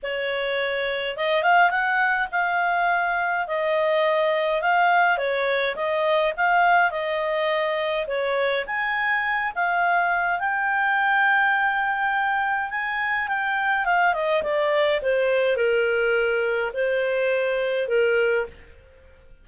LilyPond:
\new Staff \with { instrumentName = "clarinet" } { \time 4/4 \tempo 4 = 104 cis''2 dis''8 f''8 fis''4 | f''2 dis''2 | f''4 cis''4 dis''4 f''4 | dis''2 cis''4 gis''4~ |
gis''8 f''4. g''2~ | g''2 gis''4 g''4 | f''8 dis''8 d''4 c''4 ais'4~ | ais'4 c''2 ais'4 | }